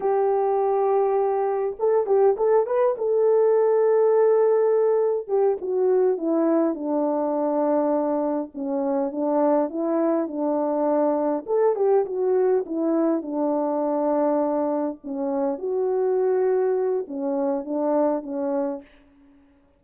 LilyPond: \new Staff \with { instrumentName = "horn" } { \time 4/4 \tempo 4 = 102 g'2. a'8 g'8 | a'8 b'8 a'2.~ | a'4 g'8 fis'4 e'4 d'8~ | d'2~ d'8 cis'4 d'8~ |
d'8 e'4 d'2 a'8 | g'8 fis'4 e'4 d'4.~ | d'4. cis'4 fis'4.~ | fis'4 cis'4 d'4 cis'4 | }